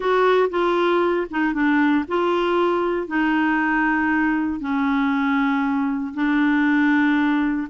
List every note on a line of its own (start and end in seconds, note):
0.00 0.49 F#4
0.50 1.27 F4
1.30 1.53 D#4
1.53 2.04 D4
2.08 3.07 F4
3.07 4.59 D#4
4.59 6.13 C#4
6.14 7.67 D4